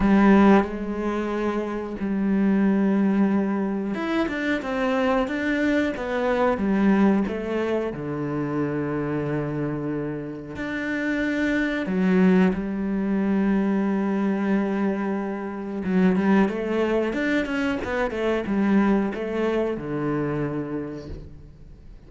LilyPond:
\new Staff \with { instrumentName = "cello" } { \time 4/4 \tempo 4 = 91 g4 gis2 g4~ | g2 e'8 d'8 c'4 | d'4 b4 g4 a4 | d1 |
d'2 fis4 g4~ | g1 | fis8 g8 a4 d'8 cis'8 b8 a8 | g4 a4 d2 | }